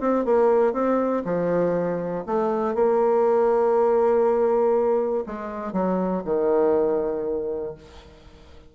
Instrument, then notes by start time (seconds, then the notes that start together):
bassoon
0.00 C4
0.25 A#3
0.73 C4
1.24 F3
2.26 A3
2.74 A#3
5.26 G#3
5.72 F#3
6.25 D#3